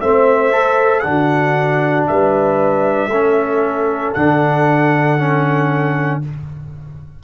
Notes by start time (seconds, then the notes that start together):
0.00 A3 C4 C5 E5
0.52 A4
1.00 D3 D4 F#5
1.07 F#4
2.07 G3 B4 E5
3.07 A3 C#4 A4
4.14 D3 D4 F#5
5.18 C#4